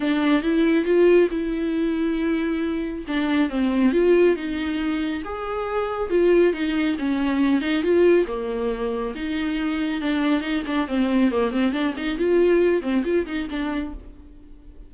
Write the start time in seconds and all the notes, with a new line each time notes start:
0.00 D4
0.42 E4
0.85 F4
1.30 E4
3.07 D4
3.49 C4
3.92 F4
4.36 D#4
5.24 G#4
6.09 F4
6.53 D#4
6.98 C#4
7.61 D#4
7.82 F4
8.27 A#3
9.15 D#4
10.01 D4
10.41 D#4
10.66 D4
10.87 C4
11.31 A#3
11.51 C4
11.72 D4
11.97 D#4
12.18 F4
12.82 C4
13.04 F4
13.26 D#4
13.50 D4